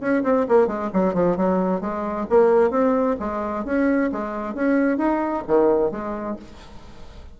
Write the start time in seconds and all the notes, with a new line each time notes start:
0.00 C#4
0.23 C4
0.48 A#3
0.67 G#3
0.93 F#3
1.14 F3
1.37 F#3
1.81 G#3
2.29 A#3
2.70 C4
3.19 G#3
3.65 C#4
4.12 G#3
4.54 C#4
4.98 D#4
5.47 D#3
5.91 G#3